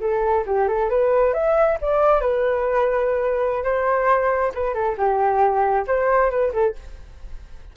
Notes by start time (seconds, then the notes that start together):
0.00 A4
0.46 G4
0.68 A4
0.89 B4
1.33 E5
1.81 D5
2.20 B4
3.63 C5
4.54 B4
4.74 A4
4.97 G4
5.87 C5
6.30 B4
6.53 A4